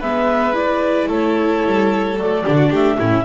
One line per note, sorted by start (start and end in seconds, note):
0.00 1.08 G#3
0.00 0.54 B3
0.00 1.08 B4
0.00 0.54 E5
0.54 2.16 E4
0.54 1.08 D5
1.08 1.62 A3
1.08 2.43 A4
1.08 2.19 C#5
1.66 2.17 G3
2.17 2.44 F#3
2.17 2.45 A3
2.17 2.73 D5
2.44 2.71 D3
2.44 2.99 D4
2.44 2.55 G4
2.55 2.69 F#4
2.70 2.98 A3
2.70 2.98 G4
2.70 3.25 E5
2.99 3.25 A2
2.99 3.25 C#4
2.99 3.25 E4